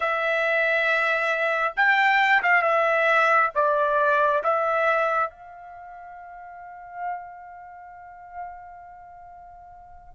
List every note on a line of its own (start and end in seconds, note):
0.00 1.73 E5
1.76 2.42 G5
2.43 2.62 F5
2.62 3.50 E5
3.54 4.42 D5
4.44 5.29 E5
5.29 10.14 F5